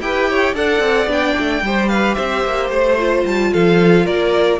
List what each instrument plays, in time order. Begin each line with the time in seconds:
0.00 cello E4, viola G4, violin B4 G5
0.30 violin C#5
0.54 cello D4, viola A4, violin D5 F#5
0.79 cello C4
1.06 cello B3, viola D4, violin G5
1.38 cello A3
1.61 cello G3, viola G4, violin C5
1.88 violin B4 F5
2.14 cello C4, violin C5 E5
2.44 cello A#3
2.70 cello A3, violin C5
2.98 viola F4
3.25 cello G3, violin A5
3.52 cello F3, violin A4 F5
4.05 cello A#3, violin A#4 D5